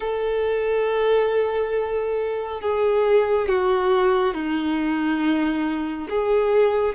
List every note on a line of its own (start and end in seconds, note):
0.00 2.61 A4
2.61 3.48 G#4
3.48 4.34 F#4
4.34 6.08 D#4
6.09 6.94 G#4